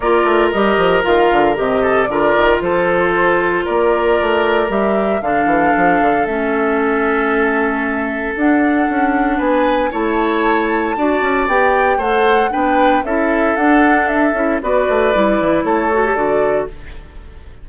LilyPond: <<
  \new Staff \with { instrumentName = "flute" } { \time 4/4 \tempo 4 = 115 d''4 dis''4 f''4 dis''4 | d''4 c''2 d''4~ | d''4 e''4 f''2 | e''1 |
fis''2 gis''4 a''4~ | a''2 g''4 fis''4 | g''4 e''4 fis''4 e''4 | d''2 cis''4 d''4 | }
  \new Staff \with { instrumentName = "oboe" } { \time 4/4 ais'2.~ ais'8 a'8 | ais'4 a'2 ais'4~ | ais'2 a'2~ | a'1~ |
a'2 b'4 cis''4~ | cis''4 d''2 c''4 | b'4 a'2. | b'2 a'2 | }
  \new Staff \with { instrumentName = "clarinet" } { \time 4/4 f'4 g'4 f'4 g'4 | f'1~ | f'4 g'4 d'2 | cis'1 |
d'2. e'4~ | e'4 fis'4 g'4 a'4 | d'4 e'4 d'4. e'8 | fis'4 e'4. fis'16 g'16 fis'4 | }
  \new Staff \with { instrumentName = "bassoon" } { \time 4/4 ais8 a8 g8 f8 dis8 d8 c4 | d8 dis8 f2 ais4 | a4 g4 d8 e8 f8 d8 | a1 |
d'4 cis'4 b4 a4~ | a4 d'8 cis'8 b4 a4 | b4 cis'4 d'4. cis'8 | b8 a8 g8 e8 a4 d4 | }
>>